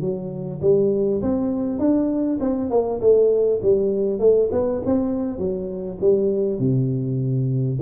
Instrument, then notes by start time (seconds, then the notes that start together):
tuba
0.00 F#3
0.61 G3
1.21 C4
1.79 D4
2.40 C4
2.70 A#3
3.00 A3
3.62 G3
4.19 A3
4.51 B3
4.85 C4
5.38 F#3
6.00 G3
6.59 C3